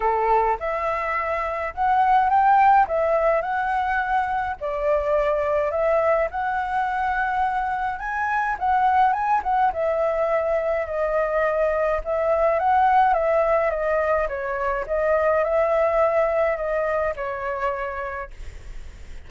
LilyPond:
\new Staff \with { instrumentName = "flute" } { \time 4/4 \tempo 4 = 105 a'4 e''2 fis''4 | g''4 e''4 fis''2 | d''2 e''4 fis''4~ | fis''2 gis''4 fis''4 |
gis''8 fis''8 e''2 dis''4~ | dis''4 e''4 fis''4 e''4 | dis''4 cis''4 dis''4 e''4~ | e''4 dis''4 cis''2 | }